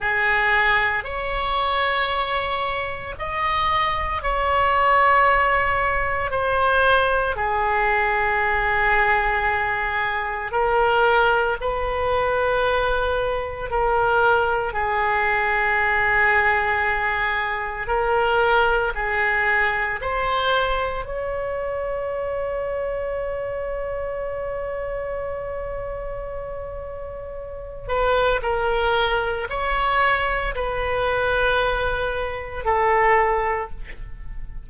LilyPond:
\new Staff \with { instrumentName = "oboe" } { \time 4/4 \tempo 4 = 57 gis'4 cis''2 dis''4 | cis''2 c''4 gis'4~ | gis'2 ais'4 b'4~ | b'4 ais'4 gis'2~ |
gis'4 ais'4 gis'4 c''4 | cis''1~ | cis''2~ cis''8 b'8 ais'4 | cis''4 b'2 a'4 | }